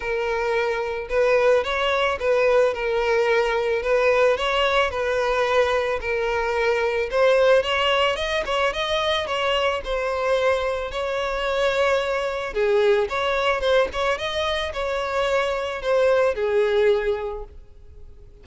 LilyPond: \new Staff \with { instrumentName = "violin" } { \time 4/4 \tempo 4 = 110 ais'2 b'4 cis''4 | b'4 ais'2 b'4 | cis''4 b'2 ais'4~ | ais'4 c''4 cis''4 dis''8 cis''8 |
dis''4 cis''4 c''2 | cis''2. gis'4 | cis''4 c''8 cis''8 dis''4 cis''4~ | cis''4 c''4 gis'2 | }